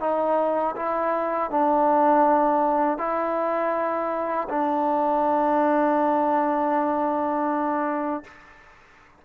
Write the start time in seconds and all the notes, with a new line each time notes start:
0.00 D#4
0.76 E4
1.50 D4
2.98 E4
4.49 D4